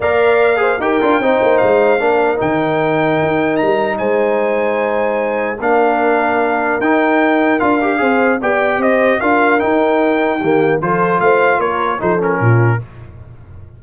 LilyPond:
<<
  \new Staff \with { instrumentName = "trumpet" } { \time 4/4 \tempo 4 = 150 f''2 g''2 | f''2 g''2~ | g''4 ais''4 gis''2~ | gis''2 f''2~ |
f''4 g''2 f''4~ | f''4 g''4 dis''4 f''4 | g''2. c''4 | f''4 cis''4 c''8 ais'4. | }
  \new Staff \with { instrumentName = "horn" } { \time 4/4 d''4. c''8 ais'4 c''4~ | c''4 ais'2.~ | ais'2 c''2~ | c''2 ais'2~ |
ais'1 | c''4 d''4 c''4 ais'4~ | ais'2 g'4 a'4 | c''4 ais'4 a'4 f'4 | }
  \new Staff \with { instrumentName = "trombone" } { \time 4/4 ais'4. gis'8 g'8 f'8 dis'4~ | dis'4 d'4 dis'2~ | dis'1~ | dis'2 d'2~ |
d'4 dis'2 f'8 g'8 | gis'4 g'2 f'4 | dis'2 ais4 f'4~ | f'2 dis'8 cis'4. | }
  \new Staff \with { instrumentName = "tuba" } { \time 4/4 ais2 dis'8 d'8 c'8 ais8 | gis4 ais4 dis2 | dis'4 g4 gis2~ | gis2 ais2~ |
ais4 dis'2 d'4 | c'4 b4 c'4 d'4 | dis'2 dis4 f4 | a4 ais4 f4 ais,4 | }
>>